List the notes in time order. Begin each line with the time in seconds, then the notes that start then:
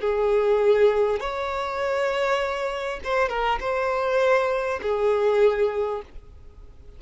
0.00 G#4
1.19 C#5
3.04 C5
3.28 A#4
3.59 C5
4.82 G#4